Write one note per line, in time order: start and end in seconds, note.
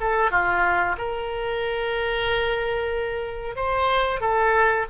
0.00 0.31 A4
0.31 0.96 F4
0.98 3.56 A#4
3.56 4.21 C5
4.21 4.86 A4